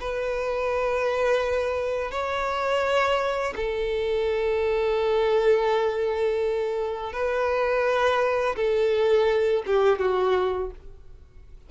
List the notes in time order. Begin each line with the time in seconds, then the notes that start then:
0.00 B4
2.11 C#5
3.56 A4
7.13 B4
8.56 A4
9.66 G4
9.98 F#4